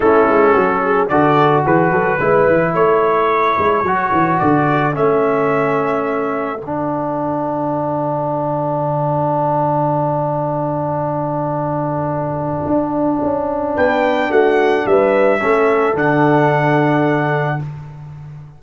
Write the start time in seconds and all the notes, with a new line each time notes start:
0.00 A3 C#4 E4 A4
0.28 G#3
0.52 F#3 F#4
0.83 G#4
1.08 D3 F#4 A4 D5
1.65 E3 G#4 B4
1.91 F#3 A4
2.19 G#3 E4 B4
2.46 E3
2.74 A3 A4 C#5
3.58 G#3
3.83 F#3 F#4
4.12 E3
4.39 D3 D5
4.93 A3 C#4 E5
6.61 D3 D4 F#5
12.66 D4
13.22 C#4
13.75 B3 B4 G5
14.29 A3 F#4 F#5
14.86 G3 B4 E5
15.40 A3 C#4 A4
15.94 D3 D4 F#5